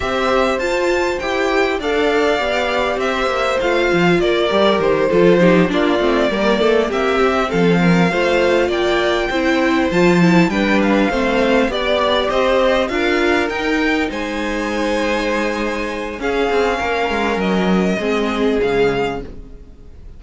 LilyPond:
<<
  \new Staff \with { instrumentName = "violin" } { \time 4/4 \tempo 4 = 100 e''4 a''4 g''4 f''4~ | f''4 e''4 f''4 d''4 | c''4. d''2 e''8~ | e''8 f''2 g''4.~ |
g''8 a''4 g''8 f''4. d''8~ | d''8 dis''4 f''4 g''4 gis''8~ | gis''2. f''4~ | f''4 dis''2 f''4 | }
  \new Staff \with { instrumentName = "violin" } { \time 4/4 c''2. d''4~ | d''4 c''2 ais'4~ | ais'8 a'8 g'8 f'4 ais'8 a'8 g'8~ | g'8 a'8 ais'8 c''4 d''4 c''8~ |
c''4. b'4 c''4 d''8~ | d''8 c''4 ais'2 c''8~ | c''2. gis'4 | ais'2 gis'2 | }
  \new Staff \with { instrumentName = "viola" } { \time 4/4 g'4 f'4 g'4 a'4 | g'2 f'4. g'8~ | g'8 f'8 dis'8 d'8 c'8 ais4 c'8~ | c'4. f'2 e'8~ |
e'8 f'8 e'8 d'4 c'4 g'8~ | g'4. f'4 dis'4.~ | dis'2. cis'4~ | cis'2 c'4 gis4 | }
  \new Staff \with { instrumentName = "cello" } { \time 4/4 c'4 f'4 e'4 d'4 | b4 c'8 ais8 a8 f8 ais8 g8 | dis8 f4 ais8 a8 g8 a8 ais8 | c'8 f4 a4 ais4 c'8~ |
c'8 f4 g4 a4 b8~ | b8 c'4 d'4 dis'4 gis8~ | gis2. cis'8 c'8 | ais8 gis8 fis4 gis4 cis4 | }
>>